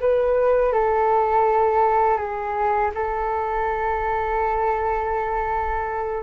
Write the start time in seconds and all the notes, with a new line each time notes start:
0.00 B4
0.73 A4
2.17 G#4
2.94 A4